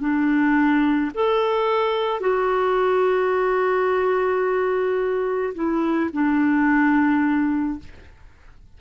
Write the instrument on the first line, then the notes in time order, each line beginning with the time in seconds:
clarinet
0.00 D4
1.14 A4
2.20 F#4
5.54 E4
6.13 D4